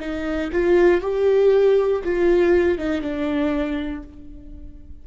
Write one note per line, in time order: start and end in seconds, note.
0.00 0.51 D#4
0.52 1.01 F4
1.01 2.03 G4
2.04 2.78 F4
2.78 3.01 D#4
3.01 4.03 D4